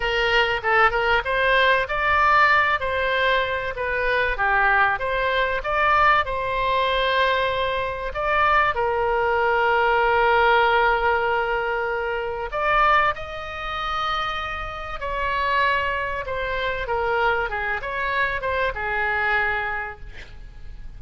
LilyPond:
\new Staff \with { instrumentName = "oboe" } { \time 4/4 \tempo 4 = 96 ais'4 a'8 ais'8 c''4 d''4~ | d''8 c''4. b'4 g'4 | c''4 d''4 c''2~ | c''4 d''4 ais'2~ |
ais'1 | d''4 dis''2. | cis''2 c''4 ais'4 | gis'8 cis''4 c''8 gis'2 | }